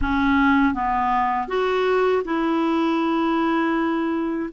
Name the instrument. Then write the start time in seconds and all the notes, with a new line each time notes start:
clarinet
0.01 C#4
0.74 B3
1.48 F#4
2.24 E4